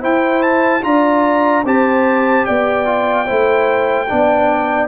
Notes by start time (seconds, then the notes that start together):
0.00 E4 C5 G5
0.42 A5
0.83 D4 F4 D5 A#5
1.64 C4 G4 C5 A5
2.46 B3 D5 G5
2.85 F4
3.25 A3 E4 C5
4.08 B3 D4 D5